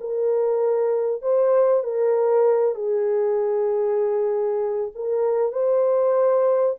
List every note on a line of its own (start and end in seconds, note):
0.00 1.21 A#4
1.21 1.83 C5
1.83 2.75 A#4
2.75 4.91 G#4
4.95 5.52 A#4
5.52 6.76 C5